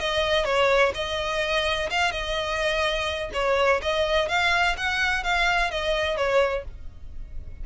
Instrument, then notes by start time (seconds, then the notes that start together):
violin
0.00 D#5
0.45 C#5
0.94 D#5
1.90 F5
2.11 D#5
3.33 C#5
3.82 D#5
4.28 F5
4.77 F#5
5.24 F5
5.71 D#5
6.17 C#5